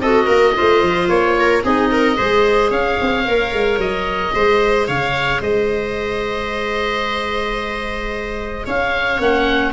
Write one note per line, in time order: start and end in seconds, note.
0.00 0.27 C4
0.00 0.55 F#4
0.00 0.26 A4
0.00 1.09 D#5
0.26 0.55 A#3
0.26 0.53 A#4
0.55 0.82 A3
0.55 1.63 F4
0.55 1.38 C5
0.82 1.08 F3
1.08 1.62 A#3
1.08 1.63 C#5
1.39 1.64 A#4
1.63 2.18 C4
1.63 2.15 D#4
1.63 1.91 G#4
1.63 2.71 D#5
1.91 2.17 A#4
2.15 2.71 G#3
2.15 3.23 G#4
2.15 2.70 C5
2.70 2.98 C#4
2.70 4.32 C#5
2.70 3.79 F5
3.01 3.26 C4
3.25 3.53 A#3
3.25 4.32 A#4
3.53 3.78 G#3
3.78 4.32 F#3
3.78 4.88 D#5
4.32 4.88 G#3
4.32 9.19 G#4
4.32 4.87 C5
4.87 5.41 C#3
4.87 5.41 C#5
4.87 5.42 F5
5.41 8.65 G#3
5.41 8.65 C5
5.41 8.67 D#5
8.65 9.19 C#4
8.65 9.73 C#5
8.65 9.21 F5
9.19 9.73 A#3
9.19 9.73 C#4
9.19 9.73 F#5